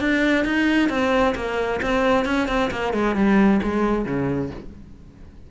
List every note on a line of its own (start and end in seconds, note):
0.00 0.45 D4
0.45 0.89 D#4
0.89 1.34 C4
1.35 1.80 A#3
1.82 2.25 C4
2.25 2.48 C#4
2.48 2.70 C4
2.71 2.93 A#3
2.93 3.15 G#3
3.15 3.60 G3
3.63 4.05 G#3
4.05 4.50 C#3